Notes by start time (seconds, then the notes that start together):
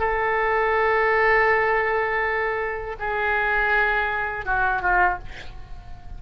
0.00 A4
3.00 G#4
4.46 F#4
4.82 F4